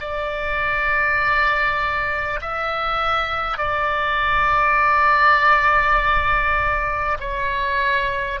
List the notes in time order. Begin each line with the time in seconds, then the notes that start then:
0.00 D5
2.41 E5
3.57 D5
7.19 C#5